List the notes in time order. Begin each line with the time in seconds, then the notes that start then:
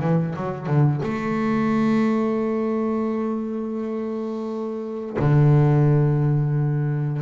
0.00 E3
0.36 F#3
0.67 D3
1.03 A3
5.19 D3